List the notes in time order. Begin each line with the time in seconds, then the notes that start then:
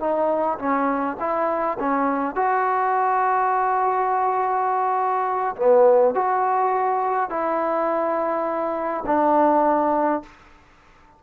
0.00 D#4
0.59 C#4
1.20 E4
1.79 C#4
2.35 F#4
5.57 B3
6.15 F#4
7.30 E4
9.06 D4